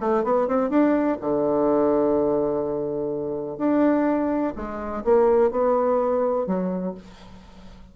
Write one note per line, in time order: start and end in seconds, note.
0.00 0.24 A3
0.24 0.48 B3
0.48 0.69 C4
0.69 1.17 D4
1.20 3.57 D3
3.57 4.53 D4
4.56 5.04 G#3
5.04 5.51 A#3
5.51 6.46 B3
6.46 6.94 F#3